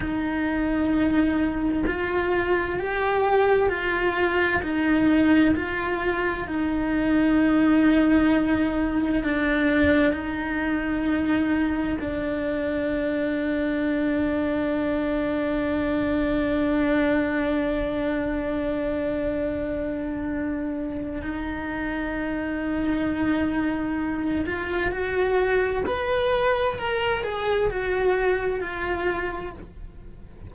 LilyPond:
\new Staff \with { instrumentName = "cello" } { \time 4/4 \tempo 4 = 65 dis'2 f'4 g'4 | f'4 dis'4 f'4 dis'4~ | dis'2 d'4 dis'4~ | dis'4 d'2.~ |
d'1~ | d'2. dis'4~ | dis'2~ dis'8 f'8 fis'4 | b'4 ais'8 gis'8 fis'4 f'4 | }